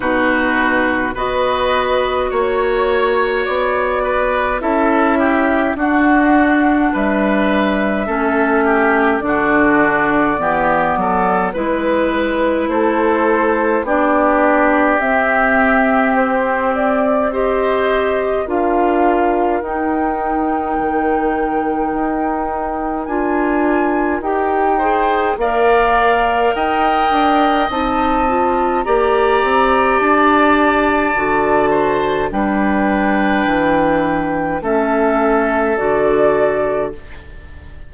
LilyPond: <<
  \new Staff \with { instrumentName = "flute" } { \time 4/4 \tempo 4 = 52 b'4 dis''4 cis''4 d''4 | e''4 fis''4 e''2 | d''2 b'4 c''4 | d''4 e''4 c''8 d''8 dis''4 |
f''4 g''2. | gis''4 g''4 f''4 g''4 | a''4 ais''4 a''2 | g''2 e''4 d''4 | }
  \new Staff \with { instrumentName = "oboe" } { \time 4/4 fis'4 b'4 cis''4. b'8 | a'8 g'8 fis'4 b'4 a'8 g'8 | fis'4 g'8 a'8 b'4 a'4 | g'2. c''4 |
ais'1~ | ais'4. c''8 d''4 dis''4~ | dis''4 d''2~ d''8 c''8 | b'2 a'2 | }
  \new Staff \with { instrumentName = "clarinet" } { \time 4/4 dis'4 fis'2. | e'4 d'2 cis'4 | d'4 b4 e'2 | d'4 c'2 g'4 |
f'4 dis'2. | f'4 g'8 gis'8 ais'2 | dis'8 f'8 g'2 fis'4 | d'2 cis'4 fis'4 | }
  \new Staff \with { instrumentName = "bassoon" } { \time 4/4 b,4 b4 ais4 b4 | cis'4 d'4 g4 a4 | d4 e8 fis8 gis4 a4 | b4 c'2. |
d'4 dis'4 dis4 dis'4 | d'4 dis'4 ais4 dis'8 d'8 | c'4 ais8 c'8 d'4 d4 | g4 e4 a4 d4 | }
>>